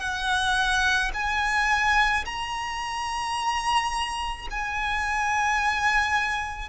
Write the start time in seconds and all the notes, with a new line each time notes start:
0.00 F#5
1.14 G#5
2.25 A#5
4.51 G#5